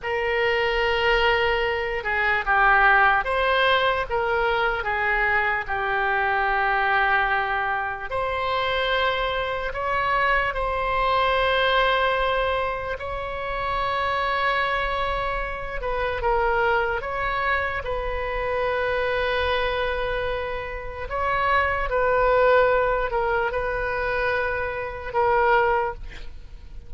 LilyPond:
\new Staff \with { instrumentName = "oboe" } { \time 4/4 \tempo 4 = 74 ais'2~ ais'8 gis'8 g'4 | c''4 ais'4 gis'4 g'4~ | g'2 c''2 | cis''4 c''2. |
cis''2.~ cis''8 b'8 | ais'4 cis''4 b'2~ | b'2 cis''4 b'4~ | b'8 ais'8 b'2 ais'4 | }